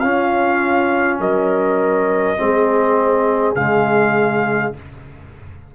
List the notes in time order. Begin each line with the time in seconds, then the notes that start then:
0.00 C#4 F4 F5
1.20 F#3 A#4 D#5
2.38 G#3 C4 G#4
3.55 C#3 G#3 F5